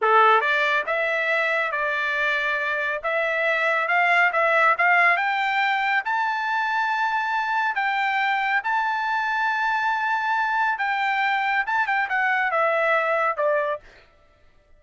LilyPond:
\new Staff \with { instrumentName = "trumpet" } { \time 4/4 \tempo 4 = 139 a'4 d''4 e''2 | d''2. e''4~ | e''4 f''4 e''4 f''4 | g''2 a''2~ |
a''2 g''2 | a''1~ | a''4 g''2 a''8 g''8 | fis''4 e''2 d''4 | }